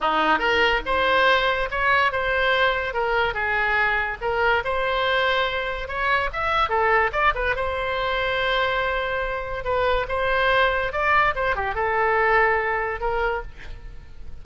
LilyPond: \new Staff \with { instrumentName = "oboe" } { \time 4/4 \tempo 4 = 143 dis'4 ais'4 c''2 | cis''4 c''2 ais'4 | gis'2 ais'4 c''4~ | c''2 cis''4 e''4 |
a'4 d''8 b'8 c''2~ | c''2. b'4 | c''2 d''4 c''8 g'8 | a'2. ais'4 | }